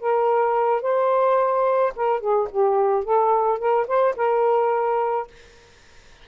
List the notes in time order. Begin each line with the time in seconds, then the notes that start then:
0.00 A#4
0.82 C5
1.96 A#4
2.20 G#4
2.51 G4
3.04 A4
3.59 A#4
3.87 C5
4.16 A#4